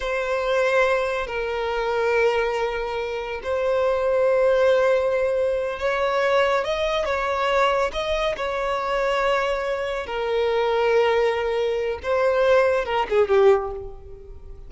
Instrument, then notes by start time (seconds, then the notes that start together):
violin
0.00 C5
1.26 A#4
3.43 C5
5.79 C#5
6.64 D#5
7.05 C#5
7.92 D#5
8.36 C#5
10.06 A#4
12.02 C5
12.85 A#4
13.09 G#4
13.28 G4